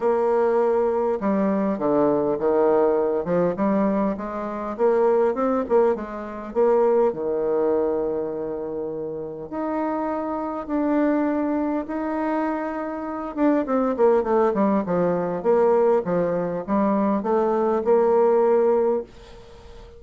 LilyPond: \new Staff \with { instrumentName = "bassoon" } { \time 4/4 \tempo 4 = 101 ais2 g4 d4 | dis4. f8 g4 gis4 | ais4 c'8 ais8 gis4 ais4 | dis1 |
dis'2 d'2 | dis'2~ dis'8 d'8 c'8 ais8 | a8 g8 f4 ais4 f4 | g4 a4 ais2 | }